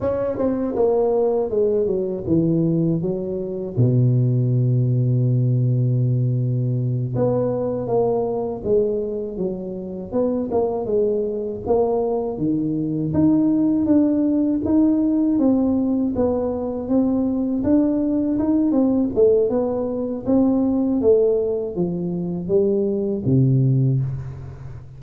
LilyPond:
\new Staff \with { instrumentName = "tuba" } { \time 4/4 \tempo 4 = 80 cis'8 c'8 ais4 gis8 fis8 e4 | fis4 b,2.~ | b,4. b4 ais4 gis8~ | gis8 fis4 b8 ais8 gis4 ais8~ |
ais8 dis4 dis'4 d'4 dis'8~ | dis'8 c'4 b4 c'4 d'8~ | d'8 dis'8 c'8 a8 b4 c'4 | a4 f4 g4 c4 | }